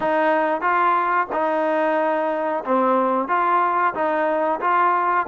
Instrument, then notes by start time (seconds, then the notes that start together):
trombone
0.00 D#4
0.61 F4
1.32 D#4
2.64 C4
3.28 F4
3.94 D#4
4.60 F4